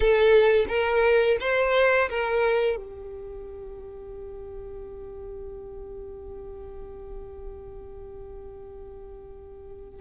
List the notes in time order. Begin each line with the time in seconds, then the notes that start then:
0.00 A4
0.68 A#4
1.40 C5
2.09 A#4
2.76 G4